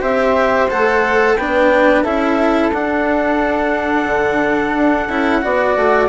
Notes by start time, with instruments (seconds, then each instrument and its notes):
0.00 bassoon C4, cello G4, flute C5, clarinet E5
0.70 bassoon A3, cello A4, clarinet F#5
1.36 bassoon B3, cello D4, flute B4, clarinet G5
2.03 bassoon C#4, cello E4, flute A4, clarinet E5
2.72 bassoon D4, cello D4, clarinet F#5
4.06 bassoon D3
4.74 bassoon D4
5.08 bassoon C#4, cello E4
5.41 bassoon B3, cello F#4, flute D5
5.76 bassoon A3